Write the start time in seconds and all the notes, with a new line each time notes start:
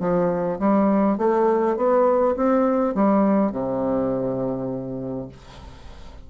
0.00 F3
0.59 G3
1.18 A3
1.77 B3
2.36 C4
2.95 G3
3.52 C3